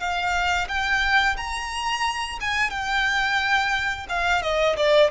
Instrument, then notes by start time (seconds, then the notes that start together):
violin
0.00 F5
0.68 G5
1.37 A#5
2.41 G#5
2.71 G5
4.09 F5
4.43 D#5
4.77 D5